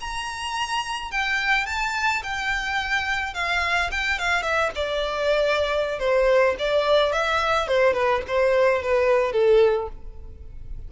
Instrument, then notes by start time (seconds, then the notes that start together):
violin
0.00 A#5
1.11 G5
1.66 A5
2.23 G5
3.34 F5
3.91 G5
4.19 F5
4.42 E5
4.75 D5
5.99 C5
6.59 D5
7.12 E5
7.67 C5
7.93 B4
8.27 C5
8.82 B4
9.32 A4